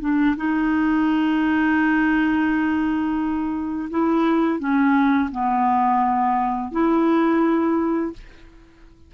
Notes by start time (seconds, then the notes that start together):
0.00 D4
0.36 D#4
3.90 E4
4.59 C#4
5.31 B3
6.72 E4